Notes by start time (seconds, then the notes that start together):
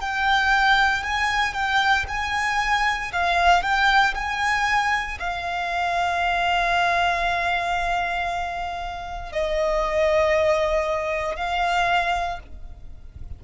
0.00 G5
1.03 G#5
1.53 G5
2.08 G#5
3.12 F5
3.62 G5
4.14 G#5
5.19 F5
9.32 D#5
11.36 F5